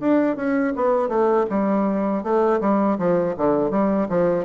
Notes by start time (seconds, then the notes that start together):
0.00 D4
0.36 C#4
0.75 B3
1.08 A3
1.49 G3
2.23 A3
2.60 G3
2.98 F3
3.37 D3
3.70 G3
4.09 F3